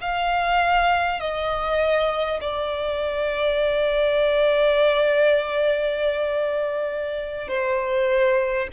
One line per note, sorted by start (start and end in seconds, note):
0.00 1.19 F5
1.19 2.39 D#5
2.40 7.48 D5
7.48 8.68 C5